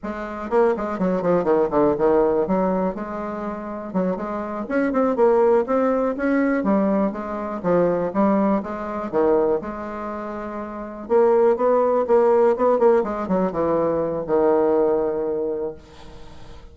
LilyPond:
\new Staff \with { instrumentName = "bassoon" } { \time 4/4 \tempo 4 = 122 gis4 ais8 gis8 fis8 f8 dis8 d8 | dis4 fis4 gis2 | fis8 gis4 cis'8 c'8 ais4 c'8~ | c'8 cis'4 g4 gis4 f8~ |
f8 g4 gis4 dis4 gis8~ | gis2~ gis8 ais4 b8~ | b8 ais4 b8 ais8 gis8 fis8 e8~ | e4 dis2. | }